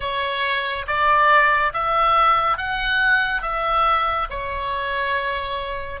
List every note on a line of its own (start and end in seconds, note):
0.00 0.86 C#5
0.86 1.72 D5
1.73 2.57 E5
2.57 3.42 F#5
3.42 4.27 E5
4.30 6.00 C#5